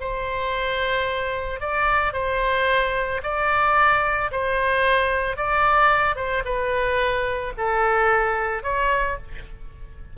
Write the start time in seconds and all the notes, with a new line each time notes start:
0.00 C5
1.60 D5
2.13 C5
3.23 D5
4.31 C5
5.36 D5
6.16 C5
6.45 B4
7.57 A4
8.63 C#5